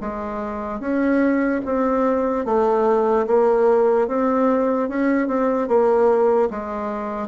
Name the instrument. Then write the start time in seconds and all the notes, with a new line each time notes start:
bassoon
0.00 G#3
0.80 C#4
1.65 C4
2.45 A3
3.26 A#3
4.07 C4
4.89 C#4
5.27 C4
5.68 A#3
6.50 G#3